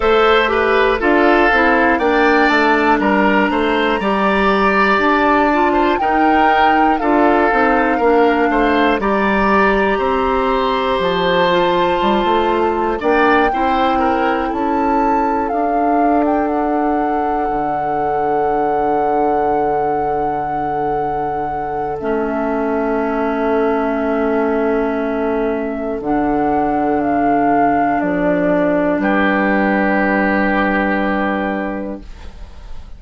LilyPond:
<<
  \new Staff \with { instrumentName = "flute" } { \time 4/4 \tempo 4 = 60 e''4 f''4 g''8 a''8 ais''4~ | ais''4 a''4 g''4 f''4~ | f''4 ais''2 a''4~ | a''4 g''4. a''4 f''8~ |
f''16 g''16 fis''2.~ fis''8~ | fis''2 e''2~ | e''2 fis''4 f''4 | d''4 b'2. | }
  \new Staff \with { instrumentName = "oboe" } { \time 4/4 c''8 b'8 a'4 d''4 ais'8 c''8 | d''4.~ d''16 c''16 ais'4 a'4 | ais'8 c''8 d''4 c''2~ | c''4 d''8 c''8 ais'8 a'4.~ |
a'1~ | a'1~ | a'1~ | a'4 g'2. | }
  \new Staff \with { instrumentName = "clarinet" } { \time 4/4 a'8 g'8 f'8 e'8 d'2 | g'4. f'8 dis'4 f'8 dis'8 | d'4 g'2~ g'8 f'8~ | f'4 d'8 e'2 d'8~ |
d'1~ | d'2 cis'2~ | cis'2 d'2~ | d'1 | }
  \new Staff \with { instrumentName = "bassoon" } { \time 4/4 a4 d'8 c'8 ais8 a8 g8 a8 | g4 d'4 dis'4 d'8 c'8 | ais8 a8 g4 c'4 f4 | g16 a8. ais8 c'4 cis'4 d'8~ |
d'4. d2~ d8~ | d2 a2~ | a2 d2 | f4 g2. | }
>>